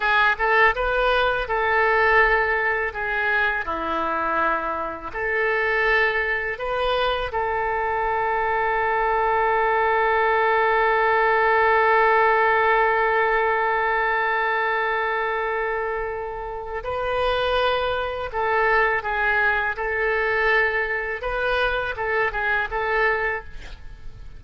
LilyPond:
\new Staff \with { instrumentName = "oboe" } { \time 4/4 \tempo 4 = 82 gis'8 a'8 b'4 a'2 | gis'4 e'2 a'4~ | a'4 b'4 a'2~ | a'1~ |
a'1~ | a'2. b'4~ | b'4 a'4 gis'4 a'4~ | a'4 b'4 a'8 gis'8 a'4 | }